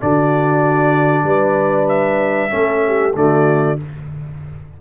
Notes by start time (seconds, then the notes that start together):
0.00 D3 D4 F#4 D5
1.24 G3 B4
1.88 E5
2.49 A3 C#4 A4
2.86 G4
3.14 D3 A3 F#4 D5